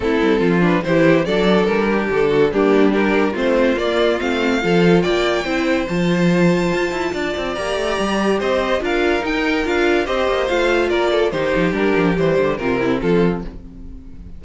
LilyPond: <<
  \new Staff \with { instrumentName = "violin" } { \time 4/4 \tempo 4 = 143 a'4. b'8 c''4 d''4 | ais'4 a'4 g'4 ais'4 | c''4 d''4 f''2 | g''2 a''2~ |
a''2 ais''2 | dis''4 f''4 g''4 f''4 | dis''4 f''4 d''4 c''4 | ais'4 c''4 ais'4 a'4 | }
  \new Staff \with { instrumentName = "violin" } { \time 4/4 e'4 f'4 g'4 a'4~ | a'8 g'4 fis'8 d'4 g'4 | f'2. a'4 | d''4 c''2.~ |
c''4 d''2. | c''4 ais'2. | c''2 ais'8 a'8 g'4~ | g'2 f'8 e'8 f'4 | }
  \new Staff \with { instrumentName = "viola" } { \time 4/4 c'4. d'8 e'4 d'4~ | d'2 ais4 d'4 | c'4 ais4 c'4 f'4~ | f'4 e'4 f'2~ |
f'2 g'2~ | g'4 f'4 dis'4 f'4 | g'4 f'2 dis'4 | d'4 g4 c'2 | }
  \new Staff \with { instrumentName = "cello" } { \time 4/4 a8 g8 f4 e4 fis4 | g4 d4 g2 | a4 ais4 a4 f4 | ais4 c'4 f2 |
f'8 e'8 d'8 c'8 ais8 a8 g4 | c'4 d'4 dis'4 d'4 | c'8 ais8 a4 ais4 dis8 f8 | g8 f8 e8 d8 c4 f4 | }
>>